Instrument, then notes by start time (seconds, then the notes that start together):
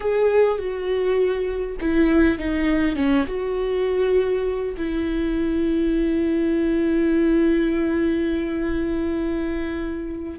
viola
0.00 G#4
0.58 F#4
1.80 E4
2.38 D#4
2.95 C#4
3.26 F#4
4.77 E4